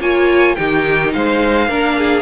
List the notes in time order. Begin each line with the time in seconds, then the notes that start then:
0.00 A#3 F4 C#5 G#5
0.55 D#3 D#4 G4 G5
1.13 G#3 C5 F5
1.68 A#3 D4 A#4
1.98 G#4